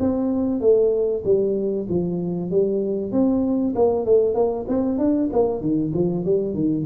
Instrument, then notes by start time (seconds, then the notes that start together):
tuba
0.00 C4
0.61 A3
1.25 G3
1.89 F3
2.51 G3
3.12 C4
3.76 A#3
4.06 A3
4.35 A#3
4.68 C4
4.99 D4
5.33 A#3
5.61 D#3
5.94 F3
6.26 G3
6.55 D#3